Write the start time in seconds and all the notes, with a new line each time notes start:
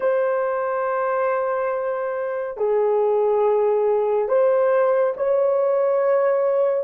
0.00 C5
2.57 G#4
4.28 C5
5.17 C#5